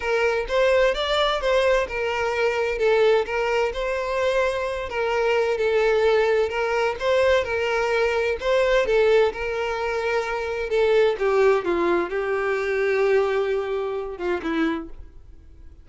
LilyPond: \new Staff \with { instrumentName = "violin" } { \time 4/4 \tempo 4 = 129 ais'4 c''4 d''4 c''4 | ais'2 a'4 ais'4 | c''2~ c''8 ais'4. | a'2 ais'4 c''4 |
ais'2 c''4 a'4 | ais'2. a'4 | g'4 f'4 g'2~ | g'2~ g'8 f'8 e'4 | }